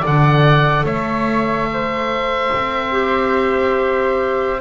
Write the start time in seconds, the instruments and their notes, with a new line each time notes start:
0.00 double bass D3, clarinet A4, flute D5, oboe F#5
0.83 double bass A3, flute C#5, oboe E5
1.73 flute C5
2.54 double bass C4
2.92 clarinet G4